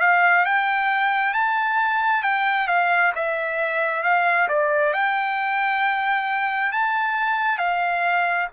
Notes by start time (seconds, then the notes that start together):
0.00 F5
0.45 G5
1.34 A5
2.23 G5
2.68 F5
3.15 E5
4.03 F5
4.49 D5
4.93 G5
6.72 A5
7.58 F5